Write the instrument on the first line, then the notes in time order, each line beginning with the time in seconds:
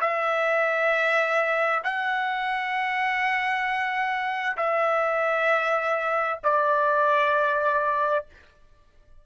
trumpet
0.00 E5
1.83 F#5
4.57 E5
6.43 D5